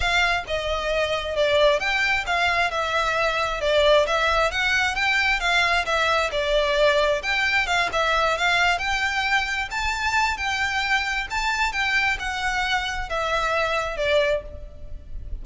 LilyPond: \new Staff \with { instrumentName = "violin" } { \time 4/4 \tempo 4 = 133 f''4 dis''2 d''4 | g''4 f''4 e''2 | d''4 e''4 fis''4 g''4 | f''4 e''4 d''2 |
g''4 f''8 e''4 f''4 g''8~ | g''4. a''4. g''4~ | g''4 a''4 g''4 fis''4~ | fis''4 e''2 d''4 | }